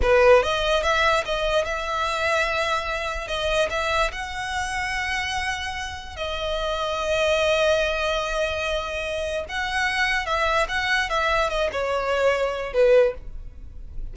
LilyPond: \new Staff \with { instrumentName = "violin" } { \time 4/4 \tempo 4 = 146 b'4 dis''4 e''4 dis''4 | e''1 | dis''4 e''4 fis''2~ | fis''2. dis''4~ |
dis''1~ | dis''2. fis''4~ | fis''4 e''4 fis''4 e''4 | dis''8 cis''2~ cis''8 b'4 | }